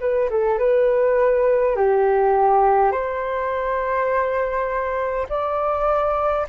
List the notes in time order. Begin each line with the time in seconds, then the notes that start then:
0.00 B4
0.30 A4
0.59 B4
1.76 G4
2.92 C5
5.29 D5